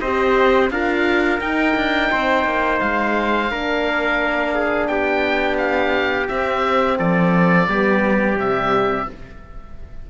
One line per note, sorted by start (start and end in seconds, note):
0.00 0.70 C4
0.00 0.72 G4
0.00 0.71 C5
0.00 0.70 D#5
0.70 1.40 D4
0.70 1.41 F4
0.70 2.11 A#4
0.70 1.41 F5
1.41 1.75 D#4
1.41 3.50 D#4
1.41 2.80 G5
1.76 2.11 D4
2.11 2.45 C4
2.11 3.51 C5
2.45 2.80 A#3
2.80 3.51 G#3
2.80 4.87 F5
3.50 4.89 A#3
3.50 6.29 D4
3.50 4.55 A#4
4.55 4.89 G#4
4.87 6.28 B3
4.87 6.98 G4
4.87 5.57 G5
5.58 6.27 F5
6.28 7.68 C4
6.28 6.99 C4
6.28 6.98 E5
6.98 7.67 F3
6.98 7.68 A4
6.98 8.39 D5
7.67 8.36 G3
7.67 8.38 B3
7.67 9.09 G4
8.36 9.06 C3
8.36 9.08 G3
8.36 9.10 E5